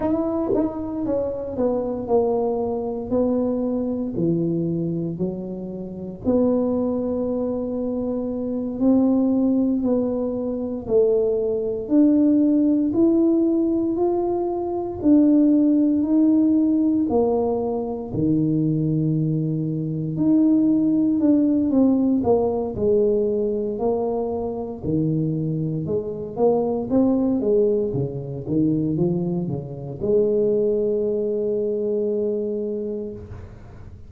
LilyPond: \new Staff \with { instrumentName = "tuba" } { \time 4/4 \tempo 4 = 58 e'8 dis'8 cis'8 b8 ais4 b4 | e4 fis4 b2~ | b8 c'4 b4 a4 d'8~ | d'8 e'4 f'4 d'4 dis'8~ |
dis'8 ais4 dis2 dis'8~ | dis'8 d'8 c'8 ais8 gis4 ais4 | dis4 gis8 ais8 c'8 gis8 cis8 dis8 | f8 cis8 gis2. | }